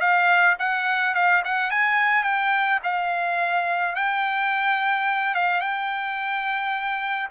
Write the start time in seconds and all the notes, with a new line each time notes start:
0.00 F5
0.59 F#5
1.14 F5
1.45 F#5
1.70 G#5
2.24 G5
2.83 F5
3.95 G5
5.35 F5
5.60 G5